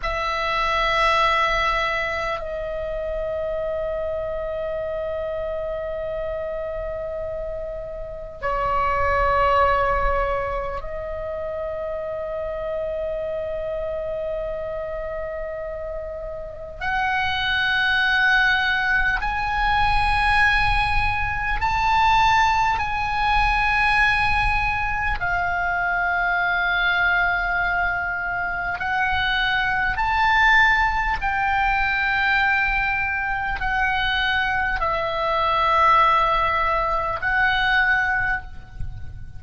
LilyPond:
\new Staff \with { instrumentName = "oboe" } { \time 4/4 \tempo 4 = 50 e''2 dis''2~ | dis''2. cis''4~ | cis''4 dis''2.~ | dis''2 fis''2 |
gis''2 a''4 gis''4~ | gis''4 f''2. | fis''4 a''4 g''2 | fis''4 e''2 fis''4 | }